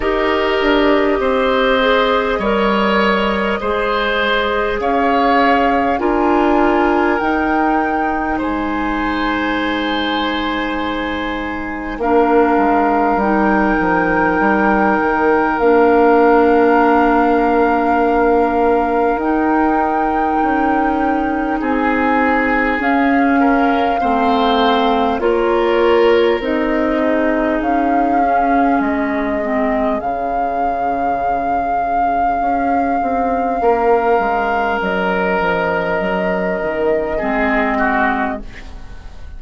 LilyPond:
<<
  \new Staff \with { instrumentName = "flute" } { \time 4/4 \tempo 4 = 50 dis''1 | f''4 gis''4 g''4 gis''4~ | gis''2 f''4 g''4~ | g''4 f''2. |
g''2 gis''4 f''4~ | f''4 cis''4 dis''4 f''4 | dis''4 f''2.~ | f''4 dis''2. | }
  \new Staff \with { instrumentName = "oboe" } { \time 4/4 ais'4 c''4 cis''4 c''4 | cis''4 ais'2 c''4~ | c''2 ais'2~ | ais'1~ |
ais'2 gis'4. ais'8 | c''4 ais'4. gis'4.~ | gis'1 | ais'2. gis'8 fis'8 | }
  \new Staff \with { instrumentName = "clarinet" } { \time 4/4 g'4. gis'8 ais'4 gis'4~ | gis'4 f'4 dis'2~ | dis'2 d'4 dis'4~ | dis'4 d'2. |
dis'2. cis'4 | c'4 f'4 dis'4. cis'8~ | cis'8 c'8 cis'2.~ | cis'2. c'4 | }
  \new Staff \with { instrumentName = "bassoon" } { \time 4/4 dis'8 d'8 c'4 g4 gis4 | cis'4 d'4 dis'4 gis4~ | gis2 ais8 gis8 g8 f8 | g8 dis8 ais2. |
dis'4 cis'4 c'4 cis'4 | a4 ais4 c'4 cis'4 | gis4 cis2 cis'8 c'8 | ais8 gis8 fis8 f8 fis8 dis8 gis4 | }
>>